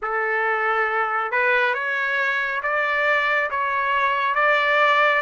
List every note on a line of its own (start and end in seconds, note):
0.02 1.31 A4
1.31 1.74 B4
1.74 2.61 C#5
2.62 3.49 D5
3.50 4.34 C#5
4.34 5.21 D5